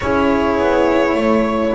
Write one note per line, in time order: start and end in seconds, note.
0.00 0.58 C#4
0.00 1.75 E4
0.00 1.17 G#4
0.00 1.75 C#5
0.58 1.13 B3
1.13 1.72 A3
1.13 1.75 C#5